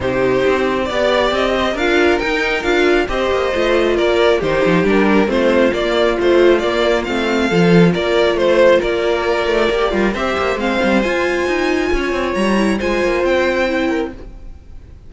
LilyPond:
<<
  \new Staff \with { instrumentName = "violin" } { \time 4/4 \tempo 4 = 136 c''2 d''4 dis''4 | f''4 g''4 f''4 dis''4~ | dis''4 d''4 c''4 ais'4 | c''4 d''4 c''4 d''4 |
f''2 d''4 c''4 | d''2. e''4 | f''4 gis''2. | ais''4 gis''4 g''2 | }
  \new Staff \with { instrumentName = "violin" } { \time 4/4 g'2 d''4. c''8 | ais'2. c''4~ | c''4 ais'4 g'2 | f'1~ |
f'4 a'4 ais'4 c''4 | ais'2~ ais'8 f'8 c''4~ | c''2. cis''4~ | cis''4 c''2~ c''8 ais'8 | }
  \new Staff \with { instrumentName = "viola" } { \time 4/4 dis'2 g'2 | f'4 dis'4 f'4 g'4 | f'2 dis'4 d'4 | c'4 ais4 f4 ais4 |
c'4 f'2.~ | f'2 g'8 ais'8 g'4 | c'4 f'2.~ | f'8 e'8 f'2 e'4 | }
  \new Staff \with { instrumentName = "cello" } { \time 4/4 c4 c'4 b4 c'4 | d'4 dis'4 d'4 c'8 ais8 | a4 ais4 dis8 f8 g4 | a4 ais4 a4 ais4 |
a4 f4 ais4 a4 | ais4. a8 ais8 g8 c'8 ais8 | gis8 g8 f'4 dis'4 cis'8 c'8 | g4 gis8 ais8 c'2 | }
>>